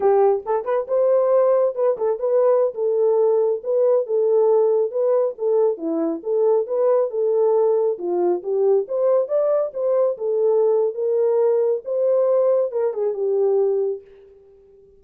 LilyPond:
\new Staff \with { instrumentName = "horn" } { \time 4/4 \tempo 4 = 137 g'4 a'8 b'8 c''2 | b'8 a'8 b'4~ b'16 a'4.~ a'16~ | a'16 b'4 a'2 b'8.~ | b'16 a'4 e'4 a'4 b'8.~ |
b'16 a'2 f'4 g'8.~ | g'16 c''4 d''4 c''4 a'8.~ | a'4 ais'2 c''4~ | c''4 ais'8 gis'8 g'2 | }